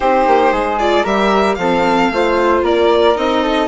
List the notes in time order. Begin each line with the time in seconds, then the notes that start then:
0.00 C4 D#4 G4 C5
0.27 A#3
0.52 G#3 G#4
0.78 F4 D5
1.03 G3 G4 A#4 E5
1.54 F3 C4 A4 F5
2.10 A3 F4 C5
2.62 A#3 A#4 D5
3.15 C4 D#4 D#5
3.42 A4